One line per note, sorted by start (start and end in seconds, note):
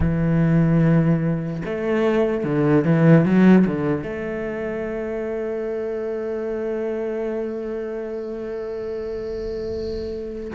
0.00 1.62 E3
1.65 2.44 A3
2.44 2.84 D3
2.84 3.25 E3
3.25 3.65 F#3
3.67 4.03 D3
4.03 10.51 A3